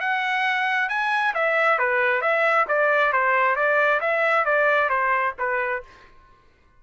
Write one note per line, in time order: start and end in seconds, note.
0.00 0.89 F#5
0.89 1.33 G#5
1.34 1.78 E5
1.78 2.21 B4
2.21 2.66 E5
2.68 3.13 D5
3.13 3.56 C5
3.56 4.00 D5
4.00 4.45 E5
4.45 4.89 D5
4.89 5.34 C5
5.38 5.83 B4